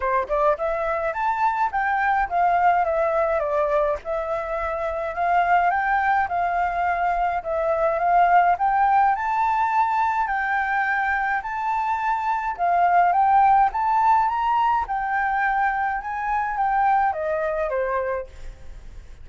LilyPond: \new Staff \with { instrumentName = "flute" } { \time 4/4 \tempo 4 = 105 c''8 d''8 e''4 a''4 g''4 | f''4 e''4 d''4 e''4~ | e''4 f''4 g''4 f''4~ | f''4 e''4 f''4 g''4 |
a''2 g''2 | a''2 f''4 g''4 | a''4 ais''4 g''2 | gis''4 g''4 dis''4 c''4 | }